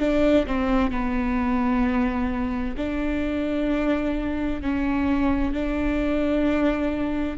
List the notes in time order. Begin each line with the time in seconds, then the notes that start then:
0.00 D4
0.47 C4
0.91 B3
2.77 D4
4.62 C#4
5.53 D4